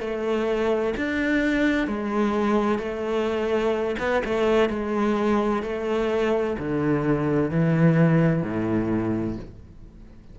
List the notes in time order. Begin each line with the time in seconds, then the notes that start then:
0.00 A3
0.97 D4
1.87 G#3
2.79 A3
3.99 B3
4.25 A3
4.70 G#3
5.63 A3
6.59 D3
7.51 E3
8.42 A2